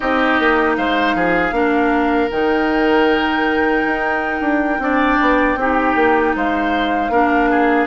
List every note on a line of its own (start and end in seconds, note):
0.00 0.39 C4
0.00 1.53 D#4
0.00 0.76 G4
0.00 0.75 D#5
0.39 0.77 A#3
0.76 1.14 G#3
0.76 1.16 C5
0.76 2.30 F5
1.14 1.51 F3
1.14 1.54 G#4
1.51 2.28 A#3
1.51 2.30 D4
1.51 4.82 A#4
2.30 3.84 D#3
2.30 4.80 D#4
2.30 6.35 G5
3.84 4.41 D#4
4.41 4.78 D4
4.78 5.17 C4
4.78 5.57 D4
4.78 5.59 D5
5.20 5.55 B3
5.55 5.94 C4
5.55 7.12 D#4
5.55 6.35 G4
5.95 6.33 A#3
6.35 7.09 G#3
6.35 7.11 C5
6.35 7.87 F5
7.09 7.86 A#3
7.09 7.87 D4
7.09 7.50 A#4
7.50 7.87 G#4